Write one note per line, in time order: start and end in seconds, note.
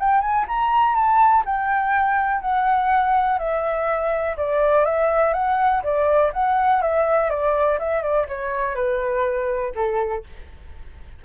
0.00 0.22 G5
0.22 0.46 G#5
0.48 0.95 A#5
0.95 1.44 A5
1.46 2.42 G5
2.42 3.39 F#5
3.39 4.37 E5
4.37 4.85 D5
4.85 5.34 E5
5.34 5.83 F#5
5.84 6.32 D5
6.33 6.82 F#5
6.82 7.30 E5
7.30 7.79 D5
7.80 8.03 E5
8.03 8.27 D5
8.29 8.75 C#5
8.75 9.73 B4
9.75 10.24 A4